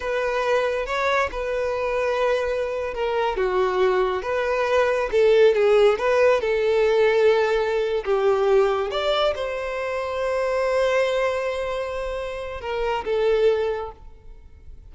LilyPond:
\new Staff \with { instrumentName = "violin" } { \time 4/4 \tempo 4 = 138 b'2 cis''4 b'4~ | b'2~ b'8. ais'4 fis'16~ | fis'4.~ fis'16 b'2 a'16~ | a'8. gis'4 b'4 a'4~ a'16~ |
a'2~ a'8 g'4.~ | g'8 d''4 c''2~ c''8~ | c''1~ | c''4 ais'4 a'2 | }